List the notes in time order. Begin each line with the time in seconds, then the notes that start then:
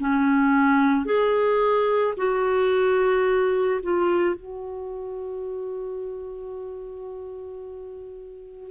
0.00 C#4
1.06 G#4
2.17 F#4
3.83 F4
4.36 F#4